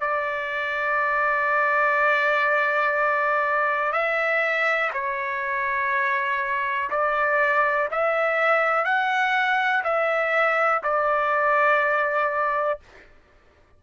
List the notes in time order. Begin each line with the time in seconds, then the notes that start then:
0.00 D5
3.92 E5
4.93 C#5
6.90 D5
7.91 E5
8.84 F#5
9.84 E5
10.83 D5